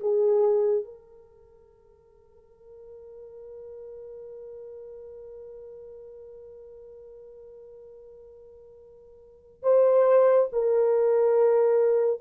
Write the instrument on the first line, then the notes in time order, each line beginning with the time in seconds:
horn
0.00 G#4
0.84 A#4
9.63 C5
10.52 A#4